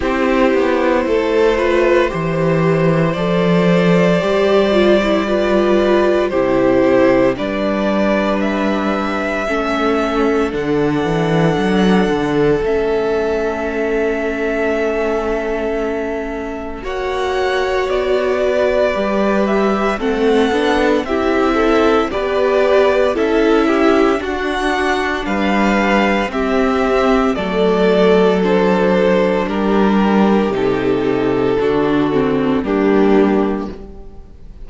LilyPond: <<
  \new Staff \with { instrumentName = "violin" } { \time 4/4 \tempo 4 = 57 c''2. d''4~ | d''2 c''4 d''4 | e''2 fis''2 | e''1 |
fis''4 d''4. e''8 fis''4 | e''4 d''4 e''4 fis''4 | f''4 e''4 d''4 c''4 | ais'4 a'2 g'4 | }
  \new Staff \with { instrumentName = "violin" } { \time 4/4 g'4 a'8 b'8 c''2~ | c''4 b'4 g'4 b'4~ | b'4 a'2.~ | a'1 |
cis''4. b'4. a'4 | g'8 a'8 b'4 a'8 g'8 fis'4 | b'4 g'4 a'2 | g'2 fis'4 d'4 | }
  \new Staff \with { instrumentName = "viola" } { \time 4/4 e'4. f'8 g'4 a'4 | g'8 f'16 e'16 f'4 e'4 d'4~ | d'4 cis'4 d'2 | cis'1 |
fis'2 g'4 c'8 d'8 | e'4 g'4 e'4 d'4~ | d'4 c'4 a4 d'4~ | d'4 dis'4 d'8 c'8 ais4 | }
  \new Staff \with { instrumentName = "cello" } { \time 4/4 c'8 b8 a4 e4 f4 | g2 c4 g4~ | g4 a4 d8 e8 fis8 d8 | a1 |
ais4 b4 g4 a8 b8 | c'4 b4 cis'4 d'4 | g4 c'4 fis2 | g4 c4 d4 g4 | }
>>